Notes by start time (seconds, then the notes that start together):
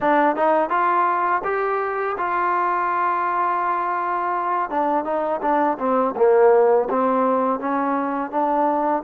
0.00 D4
0.36 D#4
0.69 F4
1.44 G4
2.17 F4
4.70 D4
5.04 D#4
5.41 D4
5.78 C4
6.16 A#3
6.90 C4
7.59 C#4
8.30 D4